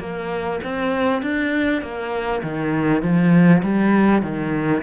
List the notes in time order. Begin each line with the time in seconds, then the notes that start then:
0.00 A#3
0.64 C4
1.23 D4
1.82 A#3
2.43 D#3
3.03 F3
3.63 G3
4.22 D#3